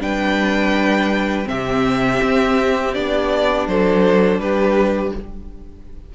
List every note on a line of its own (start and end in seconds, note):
0.00 1.46 G3
0.00 1.45 D4
0.00 1.49 B4
0.00 1.48 G5
1.45 2.21 C3
1.45 2.91 C4
1.45 3.70 G4
1.45 2.94 E5
2.22 2.96 C4
2.94 3.68 B3
2.94 5.14 D4
2.94 3.68 D5
3.68 4.39 F#3
3.68 4.42 A4
3.68 4.40 C5
4.39 5.12 G3
4.39 5.15 G4
4.39 5.13 B4